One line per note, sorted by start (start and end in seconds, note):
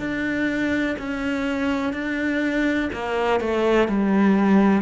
0.00 0.97 D4
0.99 1.94 C#4
1.94 2.90 D4
2.94 3.40 A#3
3.40 3.88 A3
3.88 4.83 G3